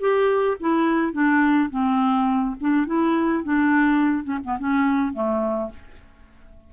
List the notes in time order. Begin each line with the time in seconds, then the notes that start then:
0.00 G4
0.60 E4
1.12 D4
1.70 C4
2.60 D4
2.86 E4
3.44 D4
4.24 C#4
4.44 B3
4.59 C#4
5.13 A3